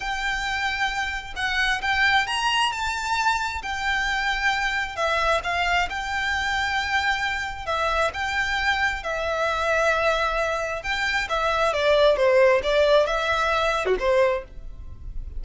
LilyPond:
\new Staff \with { instrumentName = "violin" } { \time 4/4 \tempo 4 = 133 g''2. fis''4 | g''4 ais''4 a''2 | g''2. e''4 | f''4 g''2.~ |
g''4 e''4 g''2 | e''1 | g''4 e''4 d''4 c''4 | d''4 e''4.~ e''16 fis'16 c''4 | }